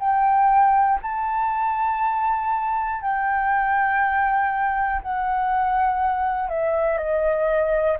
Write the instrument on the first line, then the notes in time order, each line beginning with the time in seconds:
flute
0.00 G5
1.02 A5
3.02 G5
5.02 F#5
6.50 E5
6.98 D#5